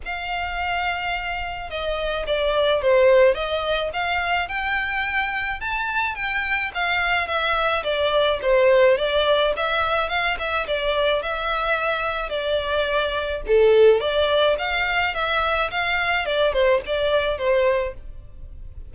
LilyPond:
\new Staff \with { instrumentName = "violin" } { \time 4/4 \tempo 4 = 107 f''2. dis''4 | d''4 c''4 dis''4 f''4 | g''2 a''4 g''4 | f''4 e''4 d''4 c''4 |
d''4 e''4 f''8 e''8 d''4 | e''2 d''2 | a'4 d''4 f''4 e''4 | f''4 d''8 c''8 d''4 c''4 | }